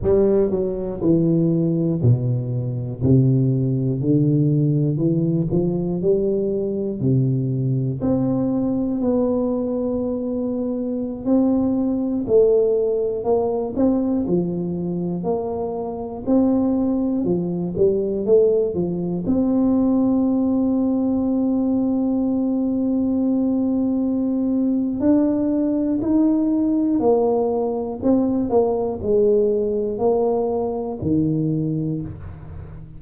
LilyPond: \new Staff \with { instrumentName = "tuba" } { \time 4/4 \tempo 4 = 60 g8 fis8 e4 b,4 c4 | d4 e8 f8 g4 c4 | c'4 b2~ b16 c'8.~ | c'16 a4 ais8 c'8 f4 ais8.~ |
ais16 c'4 f8 g8 a8 f8 c'8.~ | c'1~ | c'4 d'4 dis'4 ais4 | c'8 ais8 gis4 ais4 dis4 | }